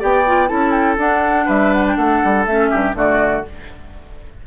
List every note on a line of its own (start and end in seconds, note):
0.00 0.51 B3
0.00 0.25 G4
0.00 0.49 D5
0.00 0.48 G5
0.27 0.48 F4
0.48 0.98 C#4
0.48 0.97 E4
0.48 1.46 A4
0.48 0.71 A5
0.71 0.96 G5
0.98 1.47 D4
0.98 2.47 D4
0.98 1.49 F#5
1.46 1.97 G3
1.46 1.95 B4
1.46 1.73 E5
1.73 1.85 F#5
1.88 1.97 G5
1.97 2.22 A3
1.97 2.71 A4
1.97 2.46 F#5
2.25 2.47 G3
2.46 2.72 A3
2.46 2.94 C#4
2.46 2.95 E5
2.71 2.94 G2
2.71 2.95 G4
2.94 3.44 D3
2.94 3.43 A3
2.94 3.47 F#4
2.94 3.46 D5